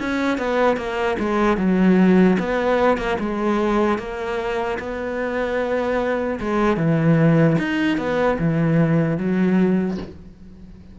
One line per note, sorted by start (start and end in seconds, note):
0.00 0.39 C#4
0.39 0.77 B3
0.77 1.17 A#3
1.20 1.58 G#3
1.58 2.38 F#3
2.40 2.98 B3
2.98 3.18 A#3
3.20 3.99 G#3
3.99 4.79 A#3
4.80 6.40 B3
6.41 6.77 G#3
6.77 7.57 E3
7.59 7.98 D#4
7.98 8.38 B3
8.39 9.18 E3
9.18 9.98 F#3